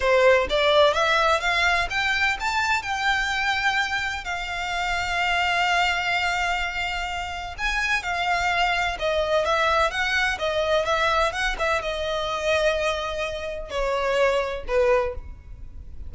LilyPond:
\new Staff \with { instrumentName = "violin" } { \time 4/4 \tempo 4 = 127 c''4 d''4 e''4 f''4 | g''4 a''4 g''2~ | g''4 f''2.~ | f''1 |
gis''4 f''2 dis''4 | e''4 fis''4 dis''4 e''4 | fis''8 e''8 dis''2.~ | dis''4 cis''2 b'4 | }